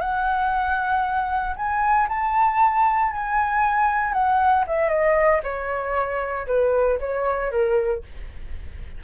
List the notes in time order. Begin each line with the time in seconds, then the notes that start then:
0.00 F#5
1.56 G#5
2.09 A5
3.12 G#5
4.13 F#5
4.67 E5
4.89 D#5
5.43 C#5
6.47 B4
6.99 C#5
7.51 A#4